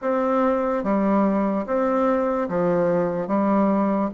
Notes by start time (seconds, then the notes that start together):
0.01 C4
0.83 G3
1.66 C4
2.48 F3
3.27 G3